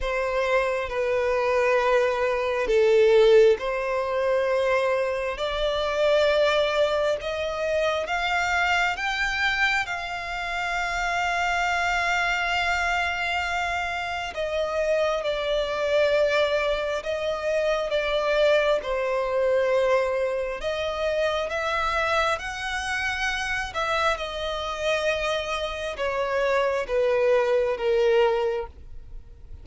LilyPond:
\new Staff \with { instrumentName = "violin" } { \time 4/4 \tempo 4 = 67 c''4 b'2 a'4 | c''2 d''2 | dis''4 f''4 g''4 f''4~ | f''1 |
dis''4 d''2 dis''4 | d''4 c''2 dis''4 | e''4 fis''4. e''8 dis''4~ | dis''4 cis''4 b'4 ais'4 | }